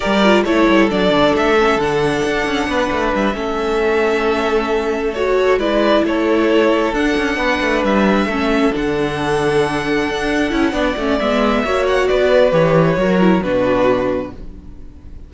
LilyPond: <<
  \new Staff \with { instrumentName = "violin" } { \time 4/4 \tempo 4 = 134 d''4 cis''4 d''4 e''4 | fis''2. e''4~ | e''2.~ e''8 cis''8~ | cis''8 d''4 cis''2 fis''8~ |
fis''4. e''2 fis''8~ | fis''1~ | fis''4 e''4. fis''8 d''4 | cis''2 b'2 | }
  \new Staff \with { instrumentName = "violin" } { \time 4/4 ais'4 a'2.~ | a'2 b'4. a'8~ | a'1~ | a'8 b'4 a'2~ a'8~ |
a'8 b'2 a'4.~ | a'1 | d''2 cis''4 b'4~ | b'4 ais'4 fis'2 | }
  \new Staff \with { instrumentName = "viola" } { \time 4/4 g'8 f'8 e'4 d'4. cis'8 | d'2.~ d'8 cis'8~ | cis'2.~ cis'8 fis'8~ | fis'8 e'2. d'8~ |
d'2~ d'8 cis'4 d'8~ | d'2.~ d'8 e'8 | d'8 cis'8 b4 fis'2 | g'4 fis'8 e'8 d'2 | }
  \new Staff \with { instrumentName = "cello" } { \time 4/4 g4 a8 g8 fis8 d8 a4 | d4 d'8 cis'8 b8 a8 g8 a8~ | a1~ | a8 gis4 a2 d'8 |
cis'8 b8 a8 g4 a4 d8~ | d2~ d8 d'4 cis'8 | b8 a8 gis4 ais4 b4 | e4 fis4 b,2 | }
>>